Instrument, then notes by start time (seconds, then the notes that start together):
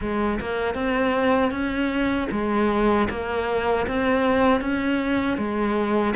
cello
0.01 G#3
0.40 A#3
0.74 C4
1.51 C#4
2.31 G#3
3.09 A#3
3.87 C4
4.60 C#4
5.37 G#3